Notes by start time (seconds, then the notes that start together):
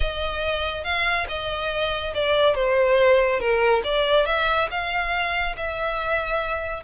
0.00 D#5
0.83 F5
1.28 D#5
2.14 D5
2.55 C5
3.39 A#4
3.84 D5
4.26 E5
4.70 F5
5.56 E5